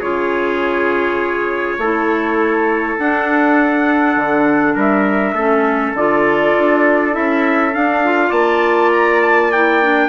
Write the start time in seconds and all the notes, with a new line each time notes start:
0.00 C#3 F4 G#4 C#5
1.78 A3 E4 A4
2.99 D4 F#5
4.16 D3
4.74 G3 A#4 E5
5.33 A3 C#4 A4
5.94 D3 F4 D5
6.58 D4
7.12 C#4 E4 E5
7.74 D4 F5
8.04 F4
8.29 A#3 D5 A5
8.92 A#5
9.22 A5
9.52 E4 G5
9.83 D4